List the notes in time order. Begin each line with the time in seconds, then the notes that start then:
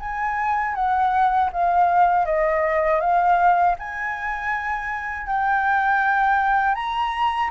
0.00 G#5
0.75 F#5
1.53 F5
2.26 D#5
3.01 F5
3.79 G#5
5.27 G5
6.75 A#5